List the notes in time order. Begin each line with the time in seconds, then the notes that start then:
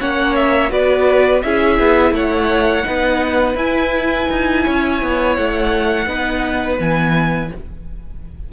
0.00 A#3 C#4 C#5 F#5
0.36 E5
0.70 B3 F#4 B4 D5
1.42 C#4 E4 G#4 E5
1.80 B3
2.12 A3 C#5 F#5
2.84 B3 D#4 B4
3.55 E4 G#5
4.31 D#4
4.64 C#4 C#5
5.02 B3
5.37 A3 F#5
6.07 B3 D#4 B4
6.79 E3 B3 G#5